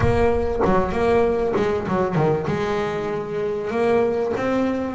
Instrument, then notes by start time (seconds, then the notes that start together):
double bass
0.00 A#3
0.64 F#3
0.91 A#3
1.56 G#3
1.87 F#3
2.15 D#3
2.47 G#3
3.71 A#3
4.36 C4